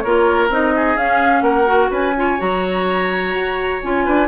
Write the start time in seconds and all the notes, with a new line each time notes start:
0.00 A#3 F4 A#4 C#5
0.49 C4 D#4 D#5
0.76 G#4
0.96 C#4 F5
1.41 A#3 A#4 F#5
1.65 F#4
1.90 C#4 B4 G#5
2.17 F4 C#5
2.38 F#3 F#4 A#5
3.35 F#4
3.83 C#4 F4 G#5
4.05 D4 B4